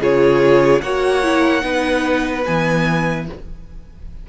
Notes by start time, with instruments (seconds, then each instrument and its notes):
0.00 cello C#3, viola F4, violin G#4 C#5
0.82 cello A#3, viola F#4, violin C#5 F#5
1.24 viola E4
1.62 cello B3, viola D#4, violin B4
2.46 cello E3, viola B3, violin G#5